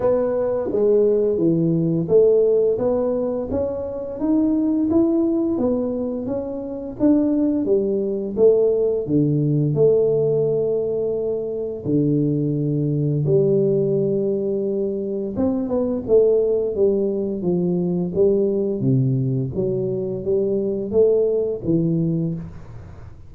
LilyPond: \new Staff \with { instrumentName = "tuba" } { \time 4/4 \tempo 4 = 86 b4 gis4 e4 a4 | b4 cis'4 dis'4 e'4 | b4 cis'4 d'4 g4 | a4 d4 a2~ |
a4 d2 g4~ | g2 c'8 b8 a4 | g4 f4 g4 c4 | fis4 g4 a4 e4 | }